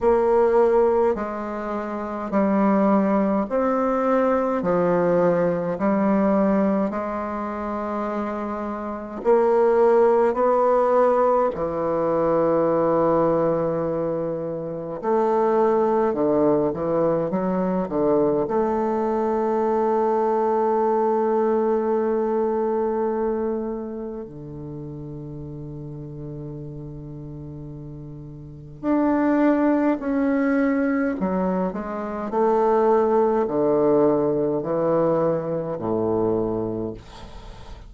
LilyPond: \new Staff \with { instrumentName = "bassoon" } { \time 4/4 \tempo 4 = 52 ais4 gis4 g4 c'4 | f4 g4 gis2 | ais4 b4 e2~ | e4 a4 d8 e8 fis8 d8 |
a1~ | a4 d2.~ | d4 d'4 cis'4 fis8 gis8 | a4 d4 e4 a,4 | }